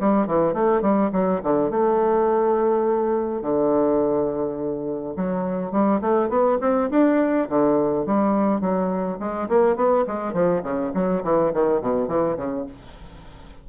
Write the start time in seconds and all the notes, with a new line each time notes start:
0.00 G3
0.27 E3
0.54 A3
0.82 G3
1.12 F#3
1.43 D3
1.70 A3
3.42 D3
5.17 F#3
5.72 G3
6.01 A3
6.29 B3
6.61 C4
6.91 D4
7.49 D3
8.06 G3
8.61 F#3
9.19 G#3
9.49 A#3
9.76 B3
10.07 G#3
10.33 F3
10.63 C#3
10.94 F#3
11.24 E3
11.54 D#3
11.81 B2
12.08 E3
12.37 C#3